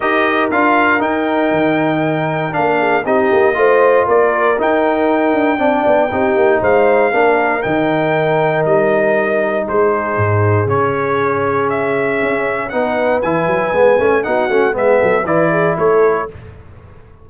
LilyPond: <<
  \new Staff \with { instrumentName = "trumpet" } { \time 4/4 \tempo 4 = 118 dis''4 f''4 g''2~ | g''4 f''4 dis''2 | d''4 g''2.~ | g''4 f''2 g''4~ |
g''4 dis''2 c''4~ | c''4 cis''2 e''4~ | e''4 fis''4 gis''2 | fis''4 e''4 d''4 cis''4 | }
  \new Staff \with { instrumentName = "horn" } { \time 4/4 ais'1~ | ais'4. gis'8 g'4 c''4 | ais'2. d''4 | g'4 c''4 ais'2~ |
ais'2. gis'4~ | gis'1~ | gis'4 b'2. | fis'4 gis'8 a'8 b'8 gis'8 a'4 | }
  \new Staff \with { instrumentName = "trombone" } { \time 4/4 g'4 f'4 dis'2~ | dis'4 d'4 dis'4 f'4~ | f'4 dis'2 d'4 | dis'2 d'4 dis'4~ |
dis'1~ | dis'4 cis'2.~ | cis'4 dis'4 e'4 b8 cis'8 | dis'8 cis'8 b4 e'2 | }
  \new Staff \with { instrumentName = "tuba" } { \time 4/4 dis'4 d'4 dis'4 dis4~ | dis4 ais4 c'8 ais8 a4 | ais4 dis'4. d'8 c'8 b8 | c'8 ais8 gis4 ais4 dis4~ |
dis4 g2 gis4 | gis,4 cis2. | cis'4 b4 e8 fis8 gis8 a8 | b8 a8 gis8 fis8 e4 a4 | }
>>